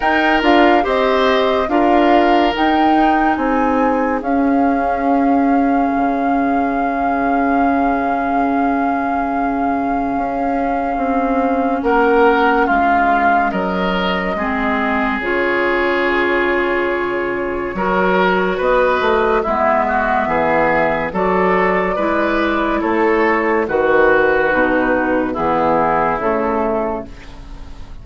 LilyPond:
<<
  \new Staff \with { instrumentName = "flute" } { \time 4/4 \tempo 4 = 71 g''8 f''8 dis''4 f''4 g''4 | gis''4 f''2.~ | f''1~ | f''2 fis''4 f''4 |
dis''2 cis''2~ | cis''2 dis''4 e''4~ | e''4 d''2 cis''4 | b'2 gis'4 a'4 | }
  \new Staff \with { instrumentName = "oboe" } { \time 4/4 ais'4 c''4 ais'2 | gis'1~ | gis'1~ | gis'2 ais'4 f'4 |
ais'4 gis'2.~ | gis'4 ais'4 b'4 e'8 fis'8 | gis'4 a'4 b'4 a'4 | fis'2 e'2 | }
  \new Staff \with { instrumentName = "clarinet" } { \time 4/4 dis'8 f'8 g'4 f'4 dis'4~ | dis'4 cis'2.~ | cis'1~ | cis'1~ |
cis'4 c'4 f'2~ | f'4 fis'2 b4~ | b4 fis'4 e'2 | fis'4 dis'4 b4 a4 | }
  \new Staff \with { instrumentName = "bassoon" } { \time 4/4 dis'8 d'8 c'4 d'4 dis'4 | c'4 cis'2 cis4~ | cis1 | cis'4 c'4 ais4 gis4 |
fis4 gis4 cis2~ | cis4 fis4 b8 a8 gis4 | e4 fis4 gis4 a4 | dis4 b,4 e4 cis4 | }
>>